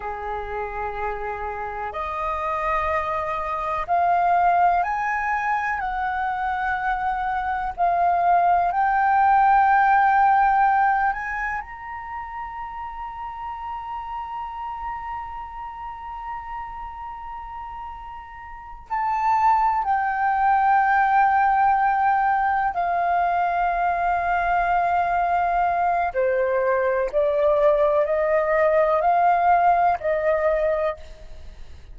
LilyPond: \new Staff \with { instrumentName = "flute" } { \time 4/4 \tempo 4 = 62 gis'2 dis''2 | f''4 gis''4 fis''2 | f''4 g''2~ g''8 gis''8 | ais''1~ |
ais''2.~ ais''8 a''8~ | a''8 g''2. f''8~ | f''2. c''4 | d''4 dis''4 f''4 dis''4 | }